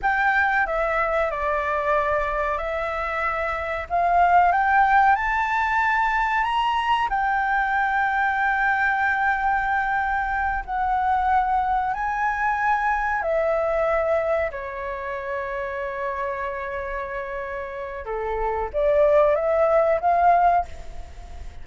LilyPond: \new Staff \with { instrumentName = "flute" } { \time 4/4 \tempo 4 = 93 g''4 e''4 d''2 | e''2 f''4 g''4 | a''2 ais''4 g''4~ | g''1~ |
g''8 fis''2 gis''4.~ | gis''8 e''2 cis''4.~ | cis''1 | a'4 d''4 e''4 f''4 | }